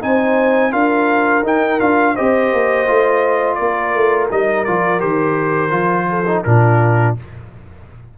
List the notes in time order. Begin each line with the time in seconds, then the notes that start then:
0.00 C4 D#4 C5 G#5
0.71 D4 F4 A#4 F5
1.43 D#4 G5
1.79 D4 F4 F5
2.14 C4 G4 C5 D#5
2.52 A#3
2.87 A3 F4
3.54 A#3 A#4 D5
3.95 A3
4.31 G3 D#4 D#5
4.64 F3 F4 D5
4.99 D#3 G4 C5
5.70 F3 F4
6.09 A4
6.26 D#4
6.43 A#2 D4 F4 A#4